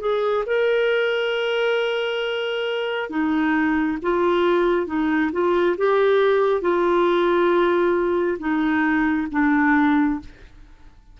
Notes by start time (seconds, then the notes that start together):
0.00 G#4
0.46 A#4
3.10 D#4
4.02 F4
4.86 D#4
5.32 F4
5.77 G4
6.61 F4
8.39 D#4
9.31 D4